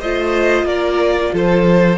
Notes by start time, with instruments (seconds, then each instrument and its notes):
0.00 cello A3, viola F4, violin C5 D#5
0.64 cello A#3, violin A#4 D5
1.34 cello F3, violin A4 C5